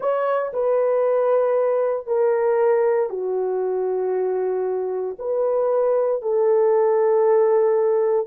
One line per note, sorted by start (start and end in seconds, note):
0.00 0.52 C#5
0.53 2.06 B4
2.06 3.09 A#4
3.09 5.16 F#4
5.19 6.22 B4
6.22 8.27 A4